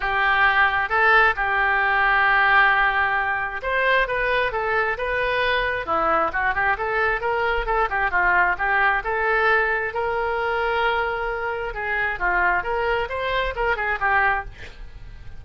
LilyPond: \new Staff \with { instrumentName = "oboe" } { \time 4/4 \tempo 4 = 133 g'2 a'4 g'4~ | g'1 | c''4 b'4 a'4 b'4~ | b'4 e'4 fis'8 g'8 a'4 |
ais'4 a'8 g'8 f'4 g'4 | a'2 ais'2~ | ais'2 gis'4 f'4 | ais'4 c''4 ais'8 gis'8 g'4 | }